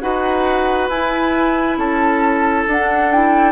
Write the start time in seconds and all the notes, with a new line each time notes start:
0.00 D#4 F#4 B4 F#5
0.89 E4 G#5
1.77 C#4 A4 A5
2.67 D4 F#5
3.11 E4 G5